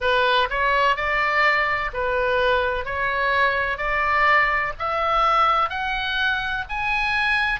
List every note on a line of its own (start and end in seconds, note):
0.00 0.48 B4
0.49 0.95 C#5
0.95 1.90 D5
1.93 2.85 B4
2.85 3.77 C#5
3.77 4.72 D5
4.78 5.69 E5
5.69 6.65 F#5
6.69 7.59 G#5